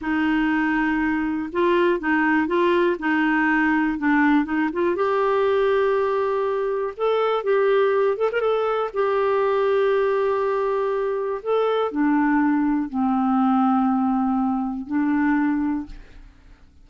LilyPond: \new Staff \with { instrumentName = "clarinet" } { \time 4/4 \tempo 4 = 121 dis'2. f'4 | dis'4 f'4 dis'2 | d'4 dis'8 f'8 g'2~ | g'2 a'4 g'4~ |
g'8 a'16 ais'16 a'4 g'2~ | g'2. a'4 | d'2 c'2~ | c'2 d'2 | }